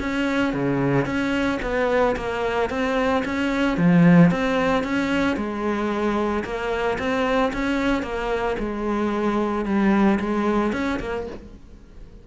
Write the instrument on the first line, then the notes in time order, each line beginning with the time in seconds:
cello
0.00 C#4
0.54 C#3
1.06 C#4
1.63 B3
2.17 A#3
2.70 C4
3.25 C#4
3.78 F3
4.31 C4
4.84 C#4
5.37 G#3
6.45 A#3
6.99 C4
7.53 C#4
8.03 A#3
8.59 G#3
9.66 G3
10.20 G#3
10.73 C#4
11.00 A#3